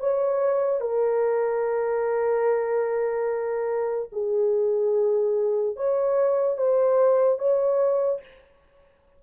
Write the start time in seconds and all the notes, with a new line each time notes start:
0.00 C#5
0.81 A#4
4.13 G#4
5.77 C#5
6.58 C5
7.39 C#5